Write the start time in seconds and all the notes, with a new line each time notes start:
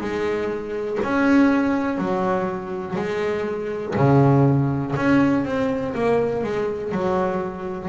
0.00 G#3
1.03 C#4
1.98 F#3
2.96 G#3
3.96 C#3
4.96 C#4
5.45 C4
5.94 A#3
6.43 G#3
6.92 F#3